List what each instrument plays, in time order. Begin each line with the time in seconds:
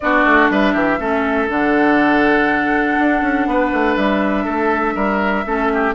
0.00 bassoon B3, clarinet D4, oboe F#4, flute D5
0.25 bassoon A3
0.50 bassoon G3, oboe B4, flute E5
0.73 bassoon E3, oboe G4
0.99 bassoon A3, clarinet C#4, oboe A4
1.47 bassoon D3, clarinet D4, flute F#5
2.98 bassoon D4
3.21 bassoon C#4
3.46 bassoon B3, oboe B4
3.72 bassoon A3
3.96 bassoon G3, flute E5
4.44 bassoon A3, oboe A4
4.95 bassoon G3, oboe A#4
5.45 bassoon A3, clarinet C#4, oboe A4
5.73 oboe G4